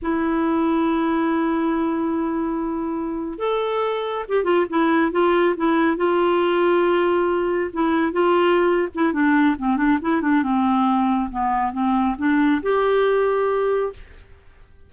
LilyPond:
\new Staff \with { instrumentName = "clarinet" } { \time 4/4 \tempo 4 = 138 e'1~ | e'2.~ e'8. a'16~ | a'4.~ a'16 g'8 f'8 e'4 f'16~ | f'8. e'4 f'2~ f'16~ |
f'4.~ f'16 e'4 f'4~ f'16~ | f'8 e'8 d'4 c'8 d'8 e'8 d'8 | c'2 b4 c'4 | d'4 g'2. | }